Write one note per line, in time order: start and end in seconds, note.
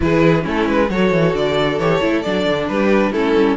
0.00 0.45 E3
0.00 0.42 E4
0.00 0.44 G#4
0.00 0.46 B4
0.42 0.67 A3
0.42 0.87 C#4
0.42 0.89 E4
0.49 0.68 A4
0.67 0.90 G#3
0.67 0.90 B4
0.90 1.11 F#3
0.90 1.80 F#4
0.90 2.70 A4
0.90 1.35 C#5
1.11 1.34 E3
1.34 1.78 D3
1.34 1.78 D5
1.78 2.00 E3
1.78 2.01 G4
1.78 2.21 C#5
2.01 2.25 A3
2.01 2.24 E4
2.21 2.46 F#3
2.21 3.14 D4
2.21 2.66 D5
2.46 2.69 D3
2.68 3.12 G3
2.68 3.12 G4
2.68 3.12 B4
3.12 3.34 A3
3.12 3.57 C#4
3.12 3.57 E4
3.12 3.57 A4
3.36 3.57 G3